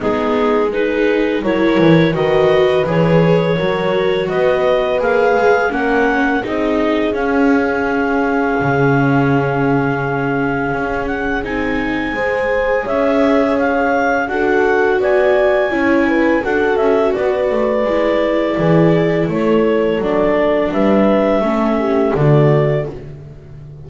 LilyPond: <<
  \new Staff \with { instrumentName = "clarinet" } { \time 4/4 \tempo 4 = 84 gis'4 b'4 cis''4 dis''4 | cis''2 dis''4 f''4 | fis''4 dis''4 f''2~ | f''2.~ f''8 fis''8 |
gis''2 e''4 f''4 | fis''4 gis''2 fis''8 e''8 | d''2. cis''4 | d''4 e''2 d''4 | }
  \new Staff \with { instrumentName = "horn" } { \time 4/4 dis'4 gis'4 ais'4 b'4~ | b'4 ais'4 b'2 | ais'4 gis'2.~ | gis'1~ |
gis'4 c''4 cis''2 | a'4 d''4 cis''8 b'8 a'4 | b'2 gis'4 a'4~ | a'4 b'4 a'8 g'8 fis'4 | }
  \new Staff \with { instrumentName = "viola" } { \time 4/4 b4 dis'4 e'4 fis'4 | gis'4 fis'2 gis'4 | cis'4 dis'4 cis'2~ | cis'1 |
dis'4 gis'2. | fis'2 e'4 fis'4~ | fis'4 e'2. | d'2 cis'4 a4 | }
  \new Staff \with { instrumentName = "double bass" } { \time 4/4 gis2 fis8 e8 dis4 | e4 fis4 b4 ais8 gis8 | ais4 c'4 cis'2 | cis2. cis'4 |
c'4 gis4 cis'2 | d'4 b4 cis'4 d'8 cis'8 | b8 a8 gis4 e4 a4 | fis4 g4 a4 d4 | }
>>